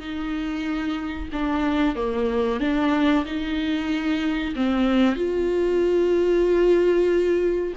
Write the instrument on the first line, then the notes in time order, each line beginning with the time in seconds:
viola
0.00 D#4
1.32 D4
1.96 A#3
2.60 D4
3.26 D#4
4.56 C4
5.16 F4